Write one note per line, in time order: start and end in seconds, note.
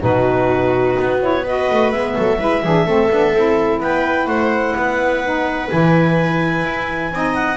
0.00 0.98 B2
0.00 1.18 D#4
0.00 1.43 F#4
0.00 1.21 B4
0.99 1.69 B3
1.20 1.44 E4
1.20 1.45 C#5
1.43 1.93 F#4
1.43 2.14 B4
1.43 1.91 D#5
1.70 1.92 A3
1.91 2.16 G#3
1.91 2.39 B3
1.91 3.80 E5
2.16 2.41 F#3
2.16 2.39 A4
2.39 2.63 G#3
2.39 2.63 E4
2.39 2.63 B4
2.63 2.86 E3
2.63 2.87 D4
2.63 2.86 G#4
2.86 3.10 A3
2.86 3.10 C4
2.86 3.81 A4
3.10 3.33 B3
3.10 3.34 D4
3.33 3.80 C4
3.33 5.24 E4
3.80 4.26 B3
3.80 4.28 B4
3.80 4.27 G5
4.26 4.74 A3
4.26 4.75 C5
4.26 5.69 F#5
4.75 5.70 B3
4.75 7.15 B4
5.24 5.69 D#4
5.69 6.65 E3
5.69 7.10 E4
5.69 7.35 G#5
6.65 7.11 E4
7.11 7.57 C4
7.11 7.57 D#4
7.11 7.57 D#5
7.35 7.57 F#5